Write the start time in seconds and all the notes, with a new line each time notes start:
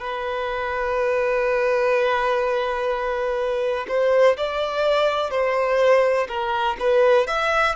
0.00 B4
3.89 C5
4.37 D5
5.31 C5
6.28 A#4
6.80 B4
7.28 E5